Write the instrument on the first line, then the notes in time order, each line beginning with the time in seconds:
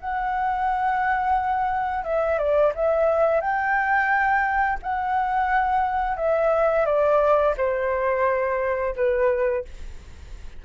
flute
0.00 F#5
2.04 E5
2.39 D5
2.75 E5
3.41 G5
4.82 F#5
6.17 E5
6.86 D5
7.57 C5
8.96 B4